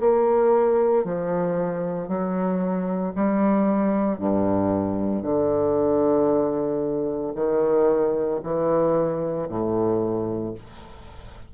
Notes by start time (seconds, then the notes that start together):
0.00 A#3
1.04 F3
2.08 F#3
3.15 G3
4.19 G2
5.22 D3
7.35 D#3
8.43 E3
9.49 A2